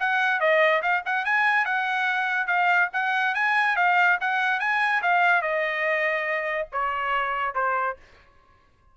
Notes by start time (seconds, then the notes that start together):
0.00 F#5
0.40 D#5
0.82 F5
1.06 F#5
1.25 G#5
1.65 F#5
2.48 F5
2.94 F#5
3.35 G#5
3.77 F5
4.21 F#5
4.60 G#5
5.03 F5
5.42 D#5
6.72 C#5
7.55 C5